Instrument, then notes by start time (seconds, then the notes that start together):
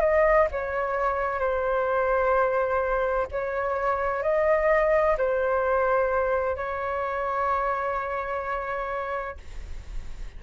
flute
0.00 D#5
0.51 C#5
1.39 C5
3.32 C#5
4.23 D#5
5.17 C5
6.56 C#5